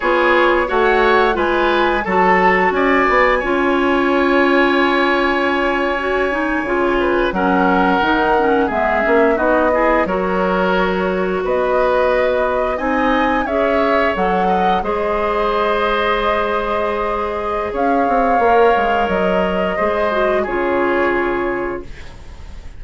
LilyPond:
<<
  \new Staff \with { instrumentName = "flute" } { \time 4/4 \tempo 4 = 88 cis''4 fis''4 gis''4 a''4 | gis''1~ | gis''2~ gis''8. fis''4~ fis''16~ | fis''8. e''4 dis''4 cis''4~ cis''16~ |
cis''8. dis''2 gis''4 e''16~ | e''8. fis''4 dis''2~ dis''16~ | dis''2 f''2 | dis''2 cis''2 | }
  \new Staff \with { instrumentName = "oboe" } { \time 4/4 gis'4 cis''4 b'4 a'4 | d''4 cis''2.~ | cis''2~ cis''16 b'8 ais'4~ ais'16~ | ais'8. gis'4 fis'8 gis'8 ais'4~ ais'16~ |
ais'8. b'2 dis''4 cis''16~ | cis''4~ cis''16 dis''8 c''2~ c''16~ | c''2 cis''2~ | cis''4 c''4 gis'2 | }
  \new Staff \with { instrumentName = "clarinet" } { \time 4/4 f'4 fis'4 f'4 fis'4~ | fis'4 f'2.~ | f'8. fis'8 dis'8 f'4 cis'4 dis'16~ | dis'16 cis'8 b8 cis'8 dis'8 e'8 fis'4~ fis'16~ |
fis'2~ fis'8. dis'4 gis'16~ | gis'8. a'4 gis'2~ gis'16~ | gis'2. ais'4~ | ais'4 gis'8 fis'8 f'2 | }
  \new Staff \with { instrumentName = "bassoon" } { \time 4/4 b4 a4 gis4 fis4 | cis'8 b8 cis'2.~ | cis'4.~ cis'16 cis4 fis4 dis16~ | dis8. gis8 ais8 b4 fis4~ fis16~ |
fis8. b2 c'4 cis'16~ | cis'8. fis4 gis2~ gis16~ | gis2 cis'8 c'8 ais8 gis8 | fis4 gis4 cis2 | }
>>